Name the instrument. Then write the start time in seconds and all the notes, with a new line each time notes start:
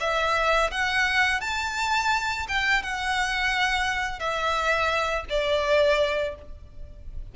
violin
0.00 E5
0.71 F#5
1.40 A5
2.48 G5
2.82 F#5
4.19 E5
5.29 D5